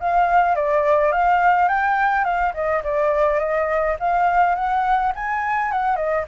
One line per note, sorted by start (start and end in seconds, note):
0.00 0.56 F5
0.56 1.12 D5
1.12 1.68 F5
1.68 2.24 G5
2.24 2.53 F5
2.54 2.82 D#5
2.83 3.39 D5
3.39 3.96 D#5
3.99 4.55 F5
4.55 5.12 F#5
5.15 5.71 G#5
5.71 5.96 F#5
5.96 6.24 D#5